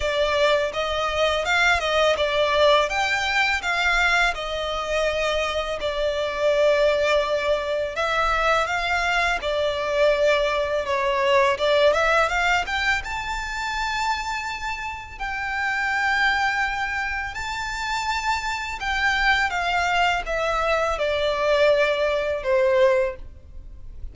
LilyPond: \new Staff \with { instrumentName = "violin" } { \time 4/4 \tempo 4 = 83 d''4 dis''4 f''8 dis''8 d''4 | g''4 f''4 dis''2 | d''2. e''4 | f''4 d''2 cis''4 |
d''8 e''8 f''8 g''8 a''2~ | a''4 g''2. | a''2 g''4 f''4 | e''4 d''2 c''4 | }